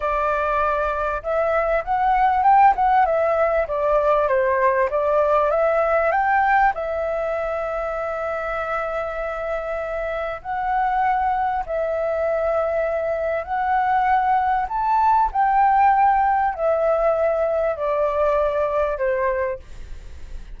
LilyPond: \new Staff \with { instrumentName = "flute" } { \time 4/4 \tempo 4 = 98 d''2 e''4 fis''4 | g''8 fis''8 e''4 d''4 c''4 | d''4 e''4 g''4 e''4~ | e''1~ |
e''4 fis''2 e''4~ | e''2 fis''2 | a''4 g''2 e''4~ | e''4 d''2 c''4 | }